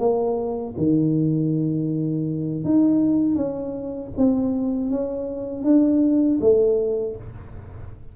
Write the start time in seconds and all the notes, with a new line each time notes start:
0.00 A#3
0.77 D#3
2.65 D#4
3.36 C#4
4.18 C4
4.91 C#4
5.65 D4
6.42 A3